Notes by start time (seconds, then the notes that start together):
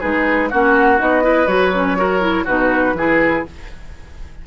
0.00 G#3 D#4 G#4 B4
0.50 A#3 C#4 F#4 F#5
0.98 B3 D#4 D#5
1.22 E4 B4
1.47 F#3 F#4 C#5
1.73 C#4
1.97 F#4 A#4
2.21 E4
2.44 B2 D#4 F#4 B4
2.94 E3 E4 G#4